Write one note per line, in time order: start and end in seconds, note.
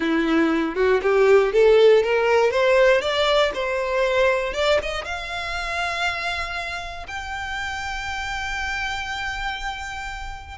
0.00 0.75 E4
0.75 1.00 F#4
1.02 1.52 G4
1.52 2.03 A4
2.03 2.50 A#4
2.50 3.01 C5
3.01 3.51 D5
3.53 4.53 C5
4.53 4.78 D5
4.82 5.04 D#5
5.04 7.06 F5
7.07 10.57 G5